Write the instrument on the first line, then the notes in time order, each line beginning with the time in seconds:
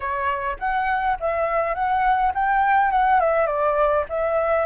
flute
0.00 C#5
0.59 F#5
1.19 E5
1.74 F#5
2.34 G5
2.91 F#5
3.20 E5
3.46 D5
4.09 E5